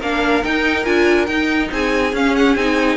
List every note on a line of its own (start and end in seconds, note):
0.00 0.43 A#3
0.00 0.44 D4
0.00 1.70 A#4
0.00 0.44 F5
0.44 0.85 D#4
0.44 0.87 D#4
0.44 0.85 G5
0.85 1.28 D4
0.85 1.27 F4
0.85 1.26 G#5
1.26 1.71 D#4
1.26 2.14 D#4
1.26 1.69 G5
1.72 2.13 C4
1.72 2.97 G#4
1.72 2.15 G#5
2.13 2.56 C#4
2.13 2.58 C#4
2.13 2.36 F5
2.36 2.56 F#5
2.56 2.97 C4
2.56 2.97 D#4
2.56 2.97 G#5